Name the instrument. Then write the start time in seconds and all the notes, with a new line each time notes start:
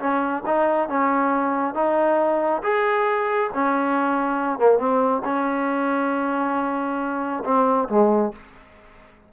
trombone
0.00 C#4
0.46 D#4
0.89 C#4
1.75 D#4
2.63 G#4
3.55 C#4
4.59 A#3
4.79 C4
5.25 C#4
7.45 C4
7.89 G#3